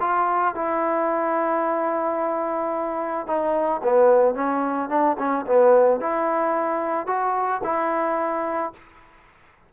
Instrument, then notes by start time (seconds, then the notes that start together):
trombone
0.00 F4
0.55 E4
3.27 D#4
3.83 B3
4.35 C#4
4.89 D4
5.18 C#4
5.46 B3
6.00 E4
7.07 F#4
7.64 E4